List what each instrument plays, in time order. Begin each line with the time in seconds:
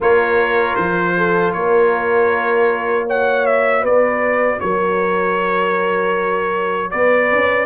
0.00 tuba A#3, trombone F4, horn A#4, trumpet C#5
0.75 tuba F3, trumpet C5
1.17 horn A4
1.53 tuba A#3, horn A#4, trumpet C#5
3.06 trombone F#4, horn C#5, trumpet F#5
3.46 trumpet E5
3.81 tuba B3, horn B4, trumpet D5
4.59 tuba F#3, horn A#4, trumpet C#5
6.90 tuba B3, horn B4, trumpet D5
7.31 tuba C#4